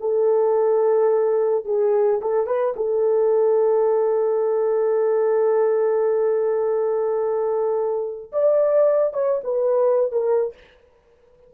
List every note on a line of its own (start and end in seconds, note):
0.00 1.65 A4
1.65 2.20 G#4
2.21 2.46 A4
2.46 2.74 B4
2.76 8.32 A4
8.32 9.13 D5
9.13 9.41 C#5
9.43 10.12 B4
10.12 10.53 A#4